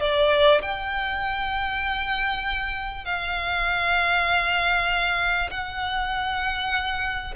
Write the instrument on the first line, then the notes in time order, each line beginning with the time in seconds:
violin
0.00 D5
0.62 G5
3.05 F5
5.50 F#5